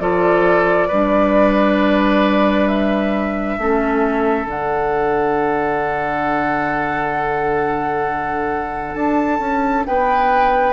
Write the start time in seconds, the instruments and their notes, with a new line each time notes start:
0.00 bassoon F3, clarinet F4, oboe A4, flute D5
0.88 bassoon G3, clarinet D4, oboe B4
2.68 flute E5
3.58 bassoon A3, clarinet C#4, oboe A4
4.46 bassoon D3, clarinet D4, flute F#5
8.95 bassoon D4, flute A5
9.39 bassoon C#4
9.86 bassoon B3, oboe B4, flute G5